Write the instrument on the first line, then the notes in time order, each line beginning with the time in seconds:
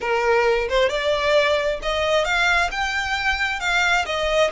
violin
0.00 A#4
0.68 C5
0.89 D5
1.82 D#5
2.24 F5
2.71 G5
3.60 F5
4.05 D#5